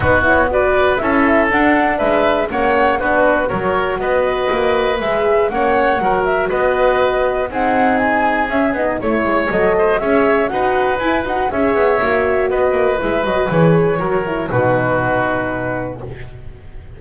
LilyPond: <<
  \new Staff \with { instrumentName = "flute" } { \time 4/4 \tempo 4 = 120 b'8 cis''8 d''4 e''4 fis''4 | e''4 fis''4 b'4 cis''4 | dis''2 e''4 fis''4~ | fis''8 e''8 dis''2 fis''4 |
gis''4 e''8 dis''8 cis''4 dis''4 | e''4 fis''4 gis''8 fis''8 e''4~ | e''4 dis''4 e''8 dis''8 cis''4~ | cis''4 b'2. | }
  \new Staff \with { instrumentName = "oboe" } { \time 4/4 fis'4 b'4 a'2 | b'4 cis''4 fis'4 ais'4 | b'2. cis''4 | ais'4 b'2 gis'4~ |
gis'2 cis''4. c''8 | cis''4 b'2 cis''4~ | cis''4 b'2. | ais'4 fis'2. | }
  \new Staff \with { instrumentName = "horn" } { \time 4/4 dis'8 e'8 fis'4 e'4 d'4~ | d'4 cis'4 d'4 fis'4~ | fis'2 gis'4 cis'4 | fis'2. dis'4~ |
dis'4 cis'8 dis'8 e'4 a'4 | gis'4 fis'4 e'8 fis'8 gis'4 | fis'2 e'8 fis'8 gis'4 | fis'8 e'8 dis'2. | }
  \new Staff \with { instrumentName = "double bass" } { \time 4/4 b2 cis'4 d'4 | gis4 ais4 b4 fis4 | b4 ais4 gis4 ais4 | fis4 b2 c'4~ |
c'4 cis'8 b8 a8 gis8 fis4 | cis'4 dis'4 e'8 dis'8 cis'8 b8 | ais4 b8 ais8 gis8 fis8 e4 | fis4 b,2. | }
>>